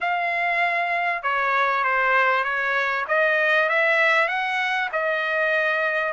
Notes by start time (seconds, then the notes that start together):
0.00 F5
1.22 C#5
1.83 C5
2.44 C#5
3.08 D#5
3.69 E5
4.27 F#5
4.92 D#5